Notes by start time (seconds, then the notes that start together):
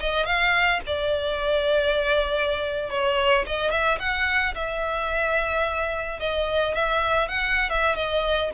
0.00 D#5
0.25 F5
0.86 D5
2.90 C#5
3.46 D#5
3.71 E5
3.99 F#5
4.55 E5
6.20 D#5
6.75 E5
7.28 F#5
7.70 E5
7.95 D#5